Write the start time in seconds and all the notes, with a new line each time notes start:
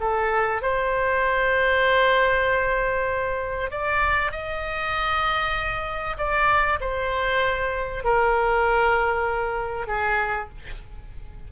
0.00 A4
0.62 C5
3.71 D5
4.32 D#5
6.17 D5
6.80 C5
8.04 A#4
9.87 G#4